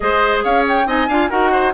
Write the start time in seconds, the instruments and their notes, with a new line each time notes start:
0.00 bassoon G#3, clarinet G#4, oboe C5, flute D#5
0.43 bassoon C#4, oboe C#5, flute F5
0.68 flute G5
0.86 bassoon C4, clarinet D#4, oboe D#5, flute G#5
1.08 bassoon D4, clarinet F4, oboe F5
1.29 bassoon D#4, clarinet F#4, oboe A#4, flute F#5
1.51 oboe C5